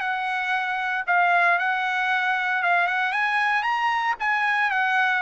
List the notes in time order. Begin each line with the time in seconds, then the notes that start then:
0.00 F#5
1.07 F5
1.59 F#5
2.63 F5
2.87 F#5
3.13 G#5
3.63 A#5
4.20 G#5
4.71 F#5